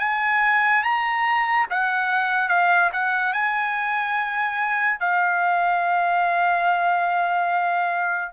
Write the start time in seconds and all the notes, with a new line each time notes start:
0.00 G#5
0.83 A#5
1.70 F#5
2.48 F5
2.92 F#5
3.33 G#5
5.00 F5